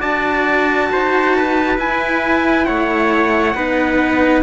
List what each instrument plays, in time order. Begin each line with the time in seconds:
0.00 cello D4 F#4, trumpet D5 A5
0.92 cello D#4, trumpet C5
1.37 trumpet B4
1.78 cello E4, trumpet G#5
2.66 cello A3, trumpet C#5 F#5
3.55 cello B3 D#4, trumpet B4